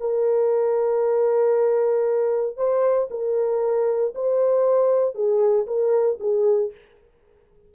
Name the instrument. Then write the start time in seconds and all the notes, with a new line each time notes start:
horn
0.00 A#4
2.57 C5
3.11 A#4
4.15 C5
5.15 G#4
5.67 A#4
6.20 G#4